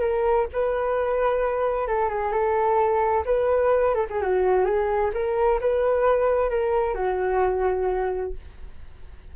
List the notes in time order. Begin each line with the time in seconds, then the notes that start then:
0.00 A#4
0.52 B4
1.87 A4
2.09 G#4
2.32 A4
3.25 B4
3.94 A4
4.09 G#4
4.21 F#4
4.64 G#4
5.13 A#4
5.60 B4
6.49 A#4
6.94 F#4